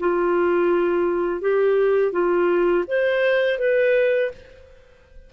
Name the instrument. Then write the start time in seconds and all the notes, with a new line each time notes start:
clarinet
0.00 F4
1.41 G4
2.12 F4
2.88 C5
3.59 B4